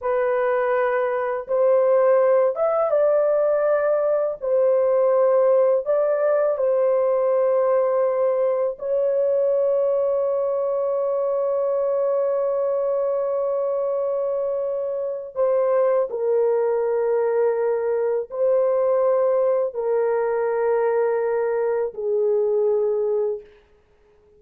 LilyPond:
\new Staff \with { instrumentName = "horn" } { \time 4/4 \tempo 4 = 82 b'2 c''4. e''8 | d''2 c''2 | d''4 c''2. | cis''1~ |
cis''1~ | cis''4 c''4 ais'2~ | ais'4 c''2 ais'4~ | ais'2 gis'2 | }